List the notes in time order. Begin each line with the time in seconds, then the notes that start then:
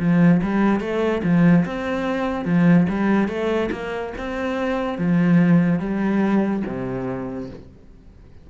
0.00 F3
0.44 G3
0.81 A3
1.24 F3
1.66 C4
2.45 F3
2.89 G3
3.29 A3
3.72 A#3
4.18 C4
4.98 F3
5.80 G3
6.67 C3